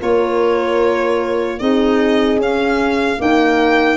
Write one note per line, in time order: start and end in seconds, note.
0.00 1.61 A#3
0.00 1.60 F4
0.00 1.61 A#4
0.00 1.59 C#5
1.59 2.37 C4
1.59 2.40 D#4
1.59 3.20 G#4
1.59 2.39 D#5
2.37 3.17 C#4
2.37 3.22 F5
3.17 3.97 A#3
3.17 3.98 D#4
3.17 3.98 A#4
3.17 3.98 G5